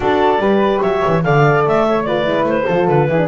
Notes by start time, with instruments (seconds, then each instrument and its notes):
0.00 double bass D4, horn F#4, flute A4, clarinet D5
0.38 double bass G3, horn G4, flute B4
0.81 double bass F#3, flute C#5, clarinet E5
1.06 double bass E3
1.23 double bass D3, horn A4, flute D5, clarinet F5
1.66 double bass A3, clarinet E5
1.87 flute C#5
2.03 horn F4, flute B4, clarinet D5
2.23 double bass G#3, horn E4
2.43 double bass A3, clarinet C5
2.66 double bass F3, horn F4, flute A4
2.87 double bass D3, clarinet B4
3.08 double bass E3, horn E4, flute G#4
3.17 horn D4